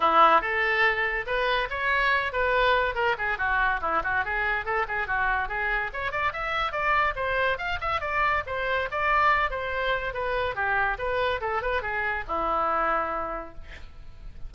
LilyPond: \new Staff \with { instrumentName = "oboe" } { \time 4/4 \tempo 4 = 142 e'4 a'2 b'4 | cis''4. b'4. ais'8 gis'8 | fis'4 e'8 fis'8 gis'4 a'8 gis'8 | fis'4 gis'4 cis''8 d''8 e''4 |
d''4 c''4 f''8 e''8 d''4 | c''4 d''4. c''4. | b'4 g'4 b'4 a'8 b'8 | gis'4 e'2. | }